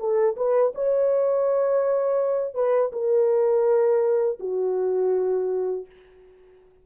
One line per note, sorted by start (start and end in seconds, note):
0.00 0.37 A4
0.37 0.74 B4
0.75 2.55 C#5
2.55 2.92 B4
2.93 4.39 A#4
4.40 5.86 F#4